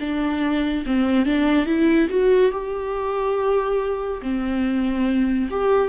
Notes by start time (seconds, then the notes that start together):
0.00 D4
0.86 C4
1.25 D4
1.66 E4
2.09 F#4
2.52 G4
4.22 C4
5.50 G4